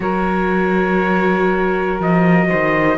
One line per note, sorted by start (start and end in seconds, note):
0.00 1.99 F#3
0.00 2.98 F#4
0.00 2.47 A#4
0.00 2.00 C#5
2.00 2.50 F3
2.00 2.98 D#5
2.47 2.98 D#3
2.47 2.97 C5